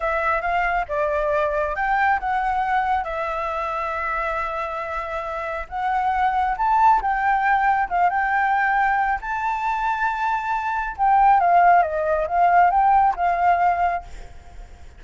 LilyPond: \new Staff \with { instrumentName = "flute" } { \time 4/4 \tempo 4 = 137 e''4 f''4 d''2 | g''4 fis''2 e''4~ | e''1~ | e''4 fis''2 a''4 |
g''2 f''8 g''4.~ | g''4 a''2.~ | a''4 g''4 f''4 dis''4 | f''4 g''4 f''2 | }